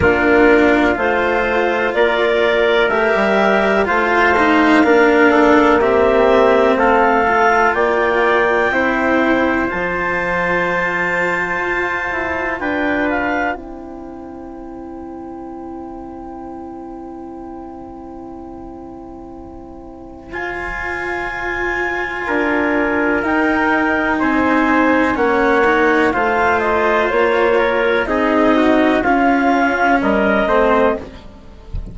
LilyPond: <<
  \new Staff \with { instrumentName = "clarinet" } { \time 4/4 \tempo 4 = 62 ais'4 c''4 d''4 e''4 | f''2 e''4 f''4 | g''2 a''2~ | a''4 g''8 f''8 g''2~ |
g''1~ | g''4 gis''2. | g''4 gis''4 fis''4 f''8 dis''8 | cis''4 dis''4 f''4 dis''4 | }
  \new Staff \with { instrumentName = "trumpet" } { \time 4/4 f'2 ais'2 | c''4 ais'8 a'8 g'4 a'4 | d''4 c''2.~ | c''4 b'4 c''2~ |
c''1~ | c''2. ais'4~ | ais'4 c''4 cis''4 c''4~ | c''8 ais'8 gis'8 fis'8 f'4 ais'8 c''8 | }
  \new Staff \with { instrumentName = "cello" } { \time 4/4 d'4 f'2 g'4 | f'8 dis'8 d'4 c'4. f'8~ | f'4 e'4 f'2~ | f'2 e'2~ |
e'1~ | e'4 f'2. | dis'2 cis'8 dis'8 f'4~ | f'4 dis'4 cis'4. c'8 | }
  \new Staff \with { instrumentName = "bassoon" } { \time 4/4 ais4 a4 ais4 a16 g8. | a4 ais2 a4 | ais4 c'4 f2 | f'8 e'8 d'4 c'2~ |
c'1~ | c'4 f'2 d'4 | dis'4 c'4 ais4 a4 | ais4 c'4 cis'4 g8 a8 | }
>>